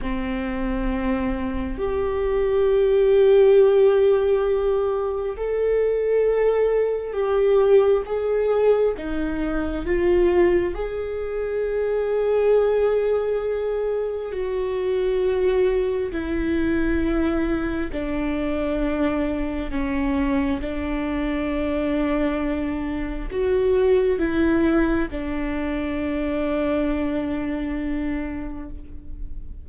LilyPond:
\new Staff \with { instrumentName = "viola" } { \time 4/4 \tempo 4 = 67 c'2 g'2~ | g'2 a'2 | g'4 gis'4 dis'4 f'4 | gis'1 |
fis'2 e'2 | d'2 cis'4 d'4~ | d'2 fis'4 e'4 | d'1 | }